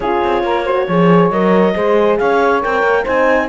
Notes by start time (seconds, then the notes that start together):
0.00 C#4 F4 G#4 C#5
0.24 C4
0.43 A#3 A#4
0.64 F#4 C5
0.86 F3 G#4 C#5
1.30 F#3 A#4 D#5
1.74 G#3 G#4 C5
2.18 C#4 C#5 F5
2.62 C4 A#4 G5
2.82 A#3
3.02 C4 D#4 C5 G#5